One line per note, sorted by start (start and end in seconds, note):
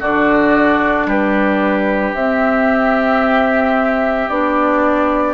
0.00 1.06 D3
0.00 2.16 D4
0.00 1.07 F#4
0.00 1.09 D5
1.06 2.13 G3
1.06 5.34 G4
1.06 2.15 B4
2.14 4.28 C4
2.14 4.30 C4
2.14 4.29 E5
4.29 5.34 B3
4.29 5.34 D4
4.29 5.34 D5